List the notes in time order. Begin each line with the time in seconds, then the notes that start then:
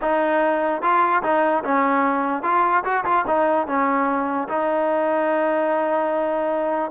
0.01 D#4
0.81 F4
1.23 D#4
1.63 C#4
2.43 F4
2.84 F#4
3.04 F4
3.27 D#4
3.67 C#4
4.48 D#4